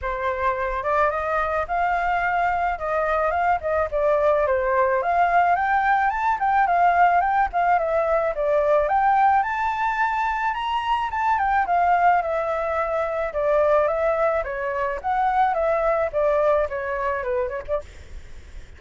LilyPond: \new Staff \with { instrumentName = "flute" } { \time 4/4 \tempo 4 = 108 c''4. d''8 dis''4 f''4~ | f''4 dis''4 f''8 dis''8 d''4 | c''4 f''4 g''4 a''8 g''8 | f''4 g''8 f''8 e''4 d''4 |
g''4 a''2 ais''4 | a''8 g''8 f''4 e''2 | d''4 e''4 cis''4 fis''4 | e''4 d''4 cis''4 b'8 cis''16 d''16 | }